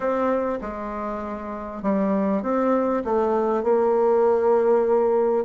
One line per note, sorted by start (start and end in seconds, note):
0.00 0.59 C4
0.61 1.82 G#3
1.82 2.42 G3
2.42 3.03 C4
3.04 3.63 A3
3.63 5.44 A#3